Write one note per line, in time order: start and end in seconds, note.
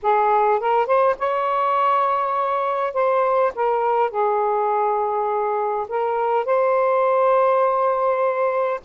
0.02 0.60 G#4
0.60 0.86 A#4
0.86 1.15 C5
1.18 2.93 C#5
2.93 3.52 C5
3.55 4.10 A#4
4.10 5.86 G#4
5.88 6.45 A#4
6.45 8.80 C5